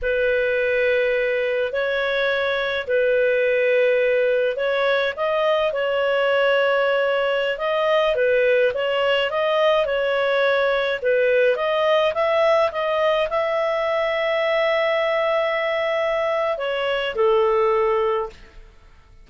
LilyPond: \new Staff \with { instrumentName = "clarinet" } { \time 4/4 \tempo 4 = 105 b'2. cis''4~ | cis''4 b'2. | cis''4 dis''4 cis''2~ | cis''4~ cis''16 dis''4 b'4 cis''8.~ |
cis''16 dis''4 cis''2 b'8.~ | b'16 dis''4 e''4 dis''4 e''8.~ | e''1~ | e''4 cis''4 a'2 | }